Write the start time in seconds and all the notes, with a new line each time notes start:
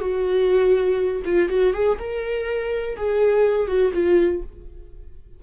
0.00 F#4
1.25 F4
1.49 F#4
1.73 G#4
1.99 A#4
2.96 G#4
3.68 F#4
3.94 F4